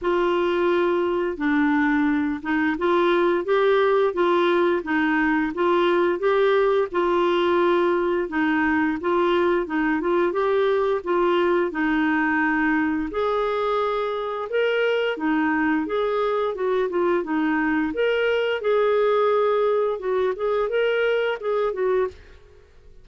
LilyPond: \new Staff \with { instrumentName = "clarinet" } { \time 4/4 \tempo 4 = 87 f'2 d'4. dis'8 | f'4 g'4 f'4 dis'4 | f'4 g'4 f'2 | dis'4 f'4 dis'8 f'8 g'4 |
f'4 dis'2 gis'4~ | gis'4 ais'4 dis'4 gis'4 | fis'8 f'8 dis'4 ais'4 gis'4~ | gis'4 fis'8 gis'8 ais'4 gis'8 fis'8 | }